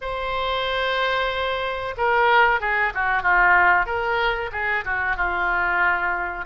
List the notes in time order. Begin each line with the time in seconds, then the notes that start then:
0.01 C5
1.97 A#4
2.60 G#4
2.94 F#4
3.22 F4
3.85 A#4
4.52 G#4
4.84 F#4
5.16 F4